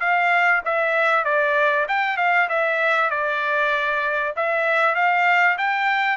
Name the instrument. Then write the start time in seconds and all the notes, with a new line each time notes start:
trumpet
0.00 F5
0.65 E5
1.24 D5
1.88 G5
2.17 F5
2.49 E5
3.10 D5
4.36 E5
4.95 F5
5.58 G5